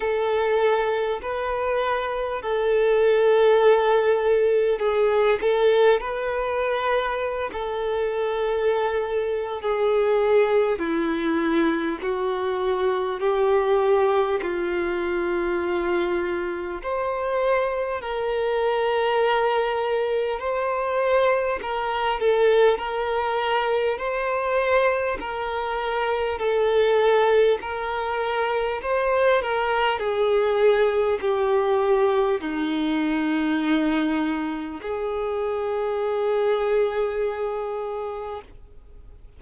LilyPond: \new Staff \with { instrumentName = "violin" } { \time 4/4 \tempo 4 = 50 a'4 b'4 a'2 | gis'8 a'8 b'4~ b'16 a'4.~ a'16 | gis'4 e'4 fis'4 g'4 | f'2 c''4 ais'4~ |
ais'4 c''4 ais'8 a'8 ais'4 | c''4 ais'4 a'4 ais'4 | c''8 ais'8 gis'4 g'4 dis'4~ | dis'4 gis'2. | }